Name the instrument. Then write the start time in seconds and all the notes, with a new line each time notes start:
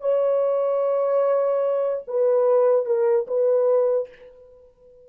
horn
0.00 C#5
2.07 B4
2.85 A#4
3.27 B4